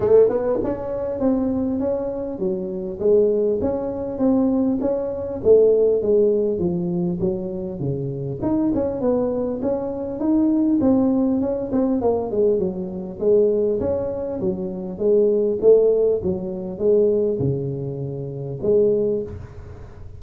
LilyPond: \new Staff \with { instrumentName = "tuba" } { \time 4/4 \tempo 4 = 100 a8 b8 cis'4 c'4 cis'4 | fis4 gis4 cis'4 c'4 | cis'4 a4 gis4 f4 | fis4 cis4 dis'8 cis'8 b4 |
cis'4 dis'4 c'4 cis'8 c'8 | ais8 gis8 fis4 gis4 cis'4 | fis4 gis4 a4 fis4 | gis4 cis2 gis4 | }